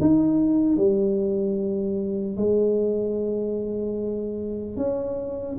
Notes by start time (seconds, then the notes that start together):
0.00 D#4
0.76 G3
2.36 G#3
4.76 C#4